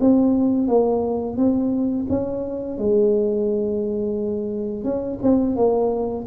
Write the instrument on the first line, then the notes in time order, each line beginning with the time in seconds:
tuba
0.00 C4
0.68 A#3
1.36 C4
2.09 C#4
2.78 G#3
4.84 C#4
5.22 C4
5.56 A#3